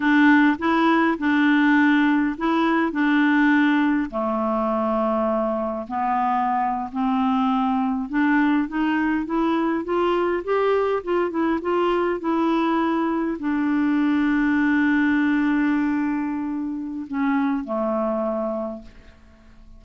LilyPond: \new Staff \with { instrumentName = "clarinet" } { \time 4/4 \tempo 4 = 102 d'4 e'4 d'2 | e'4 d'2 a4~ | a2 b4.~ b16 c'16~ | c'4.~ c'16 d'4 dis'4 e'16~ |
e'8. f'4 g'4 f'8 e'8 f'16~ | f'8. e'2 d'4~ d'16~ | d'1~ | d'4 cis'4 a2 | }